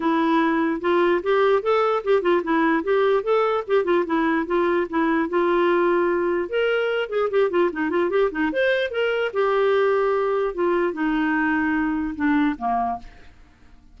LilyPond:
\new Staff \with { instrumentName = "clarinet" } { \time 4/4 \tempo 4 = 148 e'2 f'4 g'4 | a'4 g'8 f'8 e'4 g'4 | a'4 g'8 f'8 e'4 f'4 | e'4 f'2. |
ais'4. gis'8 g'8 f'8 dis'8 f'8 | g'8 dis'8 c''4 ais'4 g'4~ | g'2 f'4 dis'4~ | dis'2 d'4 ais4 | }